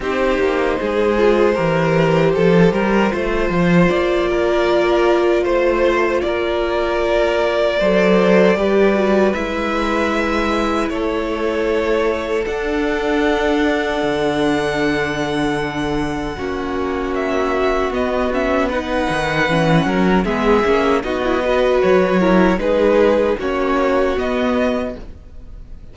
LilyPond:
<<
  \new Staff \with { instrumentName = "violin" } { \time 4/4 \tempo 4 = 77 c''1~ | c''4 d''2 c''4 | d''1 | e''2 cis''2 |
fis''1~ | fis''2 e''4 dis''8 e''8 | fis''2 e''4 dis''4 | cis''4 b'4 cis''4 dis''4 | }
  \new Staff \with { instrumentName = "violin" } { \time 4/4 g'4 gis'4 ais'4 a'8 ais'8 | c''4. ais'4. c''4 | ais'2 c''4 b'4~ | b'2 a'2~ |
a'1~ | a'4 fis'2. | b'4. ais'8 gis'4 fis'8 b'8~ | b'8 ais'8 gis'4 fis'2 | }
  \new Staff \with { instrumentName = "viola" } { \time 4/4 dis'4. f'8 g'2 | f'1~ | f'2 a'4 g'8 fis'8 | e'1 |
d'1~ | d'4 cis'2 b8 cis'8 | dis'4 cis'4 b8 cis'8 dis'16 e'16 fis'8~ | fis'8 e'8 dis'4 cis'4 b4 | }
  \new Staff \with { instrumentName = "cello" } { \time 4/4 c'8 ais8 gis4 e4 f8 g8 | a8 f8 ais2 a4 | ais2 fis4 g4 | gis2 a2 |
d'2 d2~ | d4 ais2 b4~ | b8 dis8 e8 fis8 gis8 ais8 b4 | fis4 gis4 ais4 b4 | }
>>